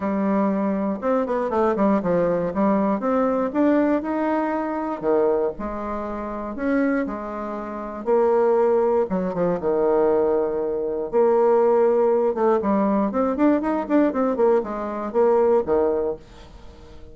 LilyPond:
\new Staff \with { instrumentName = "bassoon" } { \time 4/4 \tempo 4 = 119 g2 c'8 b8 a8 g8 | f4 g4 c'4 d'4 | dis'2 dis4 gis4~ | gis4 cis'4 gis2 |
ais2 fis8 f8 dis4~ | dis2 ais2~ | ais8 a8 g4 c'8 d'8 dis'8 d'8 | c'8 ais8 gis4 ais4 dis4 | }